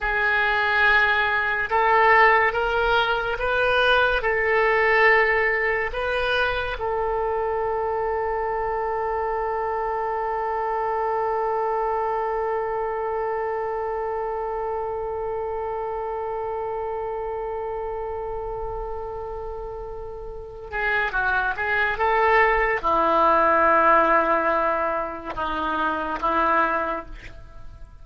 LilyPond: \new Staff \with { instrumentName = "oboe" } { \time 4/4 \tempo 4 = 71 gis'2 a'4 ais'4 | b'4 a'2 b'4 | a'1~ | a'1~ |
a'1~ | a'1~ | a'8 gis'8 fis'8 gis'8 a'4 e'4~ | e'2 dis'4 e'4 | }